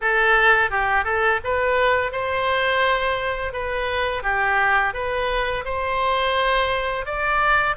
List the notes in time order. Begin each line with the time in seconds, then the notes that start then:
0.01 A4
0.70 G4
1.04 A4
1.43 B4
2.12 C5
3.52 B4
4.23 G4
4.93 B4
5.64 C5
7.05 D5